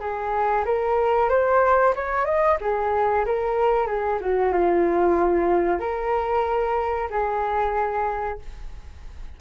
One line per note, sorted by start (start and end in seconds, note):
0.00 0.65 G#4
0.65 1.29 A#4
1.29 1.94 C5
1.96 2.25 C#5
2.25 2.57 D#5
2.61 3.25 G#4
3.26 3.87 A#4
3.87 4.19 G#4
4.21 4.52 F#4
4.52 5.80 F4
5.80 7.09 A#4
7.10 8.39 G#4